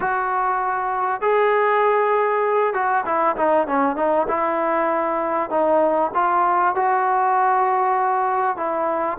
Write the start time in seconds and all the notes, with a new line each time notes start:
0.00 F#4
1.21 G#4
2.73 F#4
3.05 E4
3.36 D#4
3.67 C#4
3.96 D#4
4.28 E4
5.50 D#4
6.14 F4
6.75 F#4
8.56 E4